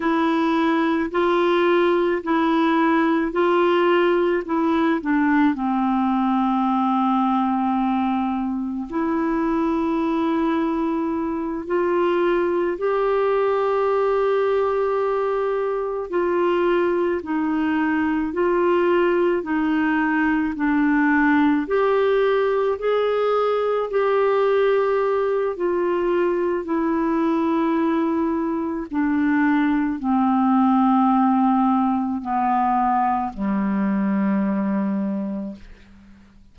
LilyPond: \new Staff \with { instrumentName = "clarinet" } { \time 4/4 \tempo 4 = 54 e'4 f'4 e'4 f'4 | e'8 d'8 c'2. | e'2~ e'8 f'4 g'8~ | g'2~ g'8 f'4 dis'8~ |
dis'8 f'4 dis'4 d'4 g'8~ | g'8 gis'4 g'4. f'4 | e'2 d'4 c'4~ | c'4 b4 g2 | }